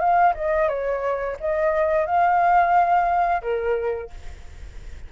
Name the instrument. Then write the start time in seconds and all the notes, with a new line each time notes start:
flute
0.00 F5
0.35 D#5
0.69 C#5
1.40 D#5
2.06 F5
3.42 A#4